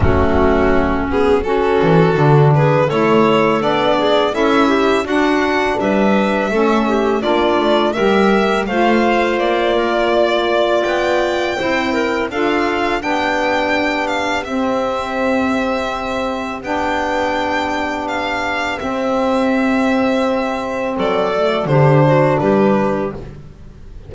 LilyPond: <<
  \new Staff \with { instrumentName = "violin" } { \time 4/4 \tempo 4 = 83 fis'4. gis'8 a'4. b'8 | cis''4 d''4 e''4 fis''4 | e''2 d''4 e''4 | f''4 d''2 g''4~ |
g''4 f''4 g''4. f''8 | e''2. g''4~ | g''4 f''4 e''2~ | e''4 d''4 c''4 b'4 | }
  \new Staff \with { instrumentName = "clarinet" } { \time 4/4 cis'2 fis'4. gis'8 | a'4. gis'8 a'8 g'8 fis'4 | b'4 a'8 g'8 f'4 ais'4 | c''4. ais'8 d''2 |
c''8 ais'8 a'4 g'2~ | g'1~ | g'1~ | g'4 a'4 g'8 fis'8 g'4 | }
  \new Staff \with { instrumentName = "saxophone" } { \time 4/4 a4. b8 cis'4 d'4 | e'4 d'4 e'4 d'4~ | d'4 cis'4 d'4 g'4 | f'1 |
e'4 f'4 d'2 | c'2. d'4~ | d'2 c'2~ | c'4. a8 d'2 | }
  \new Staff \with { instrumentName = "double bass" } { \time 4/4 fis2~ fis8 e8 d4 | a4 b4 cis'4 d'4 | g4 a4 ais8 a8 g4 | a4 ais2 b4 |
c'4 d'4 b2 | c'2. b4~ | b2 c'2~ | c'4 fis4 d4 g4 | }
>>